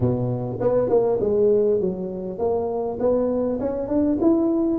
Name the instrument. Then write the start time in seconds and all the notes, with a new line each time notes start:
tuba
0.00 B2
0.60 B3
0.89 A#3
1.20 G#3
1.80 F#3
2.38 A#3
2.99 B3
3.60 C#4
3.88 D4
4.21 E4